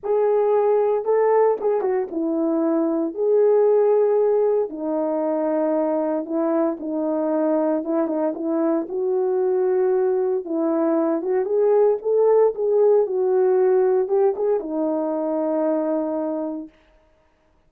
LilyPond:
\new Staff \with { instrumentName = "horn" } { \time 4/4 \tempo 4 = 115 gis'2 a'4 gis'8 fis'8 | e'2 gis'2~ | gis'4 dis'2. | e'4 dis'2 e'8 dis'8 |
e'4 fis'2. | e'4. fis'8 gis'4 a'4 | gis'4 fis'2 g'8 gis'8 | dis'1 | }